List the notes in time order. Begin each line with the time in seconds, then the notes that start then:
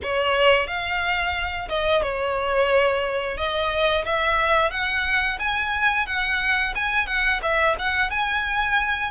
0.02 C#5
0.67 F5
1.69 D#5
2.02 C#5
3.37 D#5
4.04 E5
4.70 F#5
5.39 G#5
6.06 F#5
6.75 G#5
7.06 F#5
7.42 E5
7.78 F#5
8.10 G#5